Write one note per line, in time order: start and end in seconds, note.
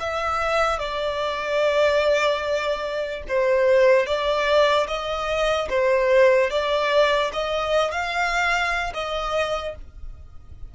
0.00 0.79 E5
0.79 3.22 D5
3.28 4.06 C5
4.06 4.87 D5
4.88 5.69 D#5
5.69 6.50 C5
6.50 7.31 D5
7.33 7.92 D#5
7.92 8.93 F5
8.94 9.75 D#5